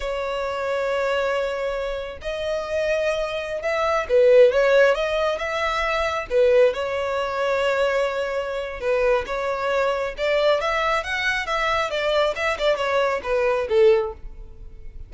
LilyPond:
\new Staff \with { instrumentName = "violin" } { \time 4/4 \tempo 4 = 136 cis''1~ | cis''4 dis''2.~ | dis''16 e''4 b'4 cis''4 dis''8.~ | dis''16 e''2 b'4 cis''8.~ |
cis''1 | b'4 cis''2 d''4 | e''4 fis''4 e''4 d''4 | e''8 d''8 cis''4 b'4 a'4 | }